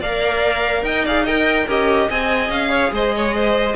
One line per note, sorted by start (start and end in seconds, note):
0.00 0.82 A#3
0.00 1.06 A#4
0.00 0.83 D5
0.00 0.84 F5
0.82 1.65 D#4
0.82 1.04 D#5
0.82 1.05 G5
1.04 1.27 G#4
1.04 1.24 D5
1.04 1.26 F5
1.24 1.68 A#4
1.24 1.65 D#5
1.24 1.68 G5
1.65 2.09 C#4
1.65 2.09 G4
1.65 2.07 A#4
1.65 2.10 D#5
2.09 2.49 C4
2.09 3.76 G#4
2.09 2.70 D#5
2.09 2.51 G#5
2.49 2.91 C#4
2.49 2.93 F5
2.70 2.91 C#5
2.91 3.75 G#3
2.91 3.15 C5
2.91 3.76 D#5
3.15 3.35 C#5
3.35 3.76 C5